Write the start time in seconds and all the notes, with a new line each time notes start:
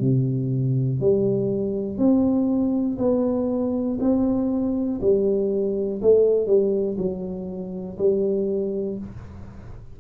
0.00 C3
1.00 G3
1.98 C4
2.98 B3
4.00 C4
5.01 G3
6.02 A3
6.47 G3
6.98 F#3
7.98 G3